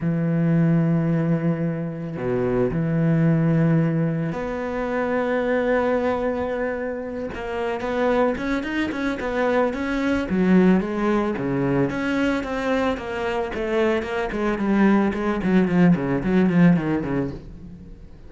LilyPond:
\new Staff \with { instrumentName = "cello" } { \time 4/4 \tempo 4 = 111 e1 | b,4 e2. | b1~ | b4. ais4 b4 cis'8 |
dis'8 cis'8 b4 cis'4 fis4 | gis4 cis4 cis'4 c'4 | ais4 a4 ais8 gis8 g4 | gis8 fis8 f8 cis8 fis8 f8 dis8 cis8 | }